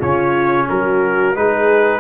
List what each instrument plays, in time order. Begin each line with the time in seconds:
0.00 tuba C#3, trombone C#4, horn F4, trumpet C#5
0.70 tuba F#3, horn F#4, trumpet A#4
1.36 tuba G#3, trombone D#4, horn G#4, trumpet B4